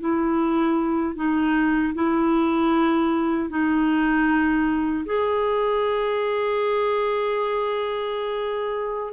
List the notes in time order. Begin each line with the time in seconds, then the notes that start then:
0.00 E4
1.15 D#4
1.94 E4
3.50 D#4
5.05 G#4